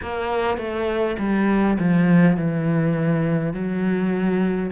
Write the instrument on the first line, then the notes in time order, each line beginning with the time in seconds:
cello
0.02 A#3
0.57 A3
1.18 G3
1.79 F3
2.36 E3
3.53 F#3